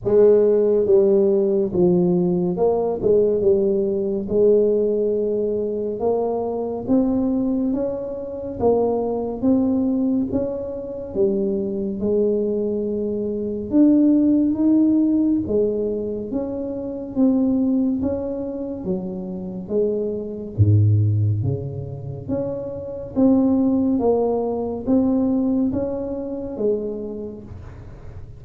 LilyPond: \new Staff \with { instrumentName = "tuba" } { \time 4/4 \tempo 4 = 70 gis4 g4 f4 ais8 gis8 | g4 gis2 ais4 | c'4 cis'4 ais4 c'4 | cis'4 g4 gis2 |
d'4 dis'4 gis4 cis'4 | c'4 cis'4 fis4 gis4 | gis,4 cis4 cis'4 c'4 | ais4 c'4 cis'4 gis4 | }